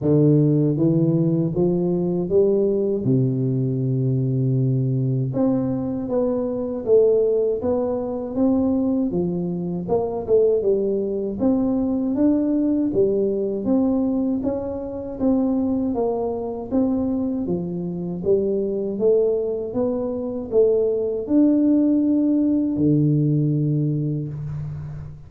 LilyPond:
\new Staff \with { instrumentName = "tuba" } { \time 4/4 \tempo 4 = 79 d4 e4 f4 g4 | c2. c'4 | b4 a4 b4 c'4 | f4 ais8 a8 g4 c'4 |
d'4 g4 c'4 cis'4 | c'4 ais4 c'4 f4 | g4 a4 b4 a4 | d'2 d2 | }